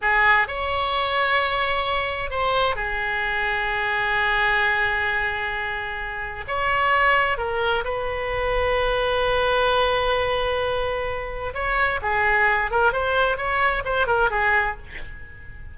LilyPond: \new Staff \with { instrumentName = "oboe" } { \time 4/4 \tempo 4 = 130 gis'4 cis''2.~ | cis''4 c''4 gis'2~ | gis'1~ | gis'2 cis''2 |
ais'4 b'2.~ | b'1~ | b'4 cis''4 gis'4. ais'8 | c''4 cis''4 c''8 ais'8 gis'4 | }